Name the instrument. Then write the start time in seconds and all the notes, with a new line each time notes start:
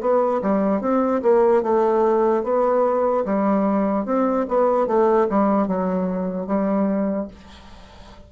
bassoon
0.00 B3
0.41 G3
0.81 C4
1.22 A#3
1.63 A3
2.43 B3
3.25 G3
4.05 C4
4.48 B3
4.86 A3
5.29 G3
5.67 F#3
6.46 G3